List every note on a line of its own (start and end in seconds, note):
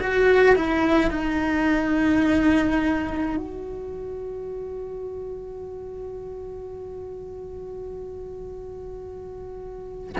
0.00 0.56 F#4
0.56 1.10 E4
1.10 3.37 D#4
3.37 10.16 F#4